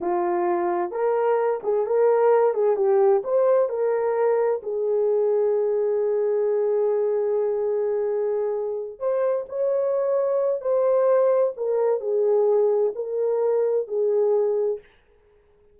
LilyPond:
\new Staff \with { instrumentName = "horn" } { \time 4/4 \tempo 4 = 130 f'2 ais'4. gis'8 | ais'4. gis'8 g'4 c''4 | ais'2 gis'2~ | gis'1~ |
gis'2.~ gis'8 c''8~ | c''8 cis''2~ cis''8 c''4~ | c''4 ais'4 gis'2 | ais'2 gis'2 | }